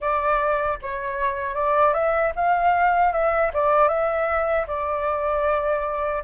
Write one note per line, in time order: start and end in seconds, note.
0.00 0.78 D5
0.82 1.54 C#5
1.54 1.93 D5
1.93 2.32 E5
2.35 3.12 F5
3.12 3.51 E5
3.53 3.88 D5
3.88 4.66 E5
4.67 6.23 D5